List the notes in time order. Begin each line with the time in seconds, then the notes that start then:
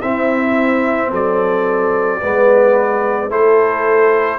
0.00 C4 E4 E5
1.11 F#3 A4 D5
2.20 G#3 B3 B4
3.30 A3 E4 A4 C5